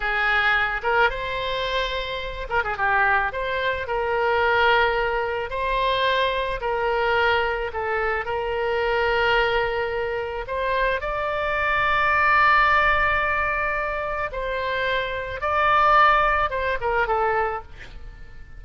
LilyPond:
\new Staff \with { instrumentName = "oboe" } { \time 4/4 \tempo 4 = 109 gis'4. ais'8 c''2~ | c''8 ais'16 gis'16 g'4 c''4 ais'4~ | ais'2 c''2 | ais'2 a'4 ais'4~ |
ais'2. c''4 | d''1~ | d''2 c''2 | d''2 c''8 ais'8 a'4 | }